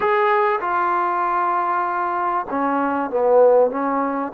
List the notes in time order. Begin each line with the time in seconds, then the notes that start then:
0.00 G#4
0.60 F4
2.49 C#4
3.10 B3
3.70 C#4